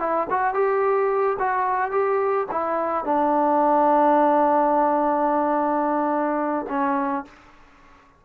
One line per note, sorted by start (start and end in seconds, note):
0.00 0.28 E4
0.30 0.54 F#4
0.54 1.38 G4
1.39 1.92 F#4
1.92 2.47 G4
2.52 3.05 E4
3.05 6.66 D4
6.69 7.25 C#4